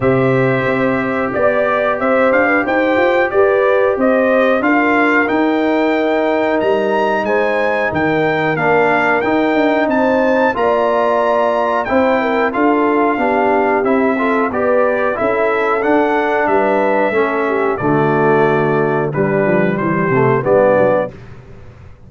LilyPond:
<<
  \new Staff \with { instrumentName = "trumpet" } { \time 4/4 \tempo 4 = 91 e''2 d''4 e''8 f''8 | g''4 d''4 dis''4 f''4 | g''2 ais''4 gis''4 | g''4 f''4 g''4 a''4 |
ais''2 g''4 f''4~ | f''4 e''4 d''4 e''4 | fis''4 e''2 d''4~ | d''4 b'4 c''4 d''4 | }
  \new Staff \with { instrumentName = "horn" } { \time 4/4 c''2 d''4 c''8. b'16 | c''4 b'4 c''4 ais'4~ | ais'2. c''4 | ais'2. c''4 |
d''2 c''8 ais'8 a'4 | g'4. a'8 b'4 a'4~ | a'4 b'4 a'8 g'8 fis'4~ | fis'4 d'4 g'4 d'4 | }
  \new Staff \with { instrumentName = "trombone" } { \time 4/4 g'1~ | g'2. f'4 | dis'1~ | dis'4 d'4 dis'2 |
f'2 e'4 f'4 | d'4 e'8 f'8 g'4 e'4 | d'2 cis'4 a4~ | a4 g4. a8 b4 | }
  \new Staff \with { instrumentName = "tuba" } { \time 4/4 c4 c'4 b4 c'8 d'8 | dis'8 f'8 g'4 c'4 d'4 | dis'2 g4 gis4 | dis4 ais4 dis'8 d'8 c'4 |
ais2 c'4 d'4 | b4 c'4 b4 cis'4 | d'4 g4 a4 d4~ | d4 g8 f8 e8 c8 g8 fis8 | }
>>